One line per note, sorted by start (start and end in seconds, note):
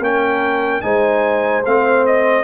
0.00 0.81 A#3
0.00 0.82 C#4
0.00 0.83 A#4
0.00 0.81 G5
0.81 1.65 G#3
0.81 1.63 D#4
0.81 2.44 C5
0.81 1.62 G#5
1.65 2.44 A3
1.65 2.44 C4
1.65 2.06 F5
2.06 2.44 D#5